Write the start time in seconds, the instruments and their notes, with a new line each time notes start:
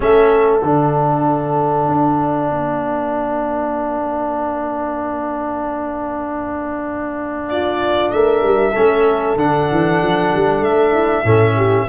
0.00 tuba A3, trombone C#4, horn A4, violin E5
0.62 tuba D3, trombone D4, violin F5
1.88 tuba D4
2.50 tuba A#3, horn A#4
7.49 horn F4, violin D5
8.11 tuba A3, horn A#4, violin E5
8.41 tuba G3
8.71 tuba A3, trombone C#4, horn A4
9.35 tuba D3, trombone D4, violin F#5
9.70 tuba E3
10.02 tuba F3
10.35 tuba G3
10.60 tuba A3, violin E5
10.92 horn E4
11.23 tuba A2, trombone C#4, horn A4
11.56 horn G4